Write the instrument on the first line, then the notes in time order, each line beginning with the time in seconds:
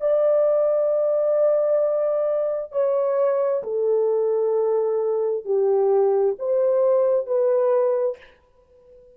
horn
0.00 D5
2.72 C#5
3.63 A4
5.45 G4
6.39 C5
7.26 B4